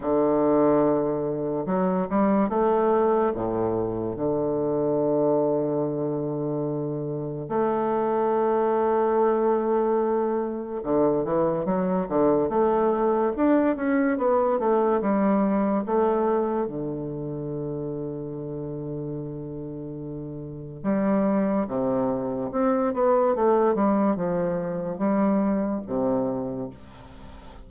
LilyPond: \new Staff \with { instrumentName = "bassoon" } { \time 4/4 \tempo 4 = 72 d2 fis8 g8 a4 | a,4 d2.~ | d4 a2.~ | a4 d8 e8 fis8 d8 a4 |
d'8 cis'8 b8 a8 g4 a4 | d1~ | d4 g4 c4 c'8 b8 | a8 g8 f4 g4 c4 | }